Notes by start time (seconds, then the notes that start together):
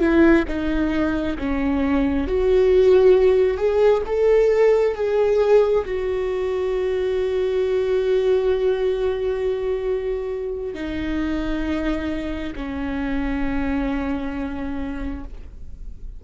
0.00 E4
0.48 D#4
1.38 C#4
2.28 F#4
3.57 G#4
4.06 A4
4.95 G#4
5.85 F#4
10.74 D#4
12.55 C#4